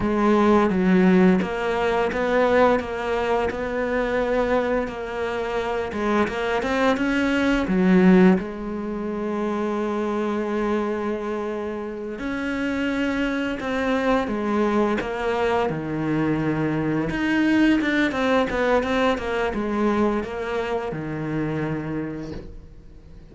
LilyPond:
\new Staff \with { instrumentName = "cello" } { \time 4/4 \tempo 4 = 86 gis4 fis4 ais4 b4 | ais4 b2 ais4~ | ais8 gis8 ais8 c'8 cis'4 fis4 | gis1~ |
gis4. cis'2 c'8~ | c'8 gis4 ais4 dis4.~ | dis8 dis'4 d'8 c'8 b8 c'8 ais8 | gis4 ais4 dis2 | }